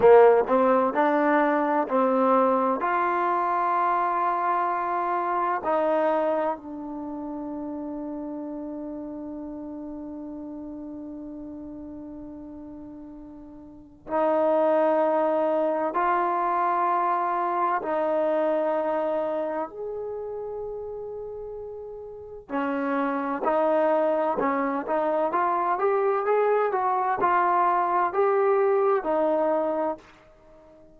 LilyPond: \new Staff \with { instrumentName = "trombone" } { \time 4/4 \tempo 4 = 64 ais8 c'8 d'4 c'4 f'4~ | f'2 dis'4 d'4~ | d'1~ | d'2. dis'4~ |
dis'4 f'2 dis'4~ | dis'4 gis'2. | cis'4 dis'4 cis'8 dis'8 f'8 g'8 | gis'8 fis'8 f'4 g'4 dis'4 | }